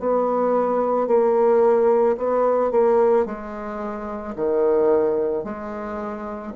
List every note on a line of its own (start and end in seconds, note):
0.00 1.08 B3
1.08 2.17 A#3
2.18 2.72 B3
2.72 3.26 A#3
3.26 4.35 G#3
4.36 5.44 D#3
5.44 6.53 G#3